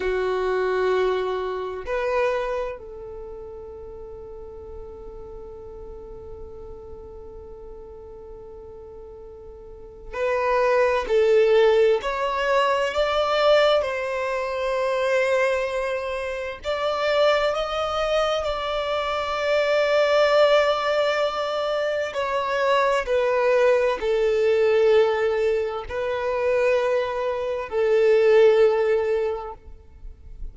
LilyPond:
\new Staff \with { instrumentName = "violin" } { \time 4/4 \tempo 4 = 65 fis'2 b'4 a'4~ | a'1~ | a'2. b'4 | a'4 cis''4 d''4 c''4~ |
c''2 d''4 dis''4 | d''1 | cis''4 b'4 a'2 | b'2 a'2 | }